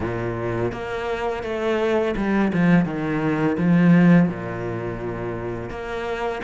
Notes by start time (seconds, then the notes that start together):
0.00 A#2
0.71 A#3
1.43 A3
2.16 G3
2.53 F3
2.85 D#3
3.57 F3
4.29 A#2
5.69 A#3